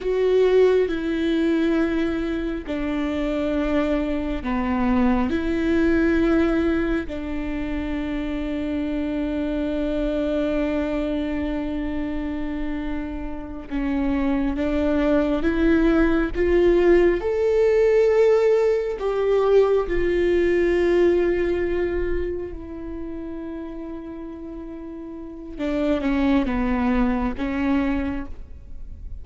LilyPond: \new Staff \with { instrumentName = "viola" } { \time 4/4 \tempo 4 = 68 fis'4 e'2 d'4~ | d'4 b4 e'2 | d'1~ | d'2.~ d'8 cis'8~ |
cis'8 d'4 e'4 f'4 a'8~ | a'4. g'4 f'4.~ | f'4. e'2~ e'8~ | e'4 d'8 cis'8 b4 cis'4 | }